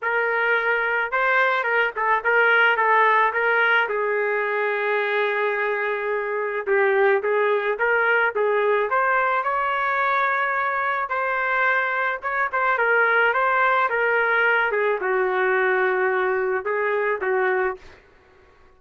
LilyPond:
\new Staff \with { instrumentName = "trumpet" } { \time 4/4 \tempo 4 = 108 ais'2 c''4 ais'8 a'8 | ais'4 a'4 ais'4 gis'4~ | gis'1 | g'4 gis'4 ais'4 gis'4 |
c''4 cis''2. | c''2 cis''8 c''8 ais'4 | c''4 ais'4. gis'8 fis'4~ | fis'2 gis'4 fis'4 | }